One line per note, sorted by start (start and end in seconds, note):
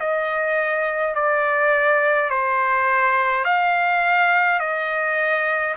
0.00 1.15 D#5
1.15 2.30 D5
2.30 3.45 C5
3.45 4.60 F5
4.60 5.75 D#5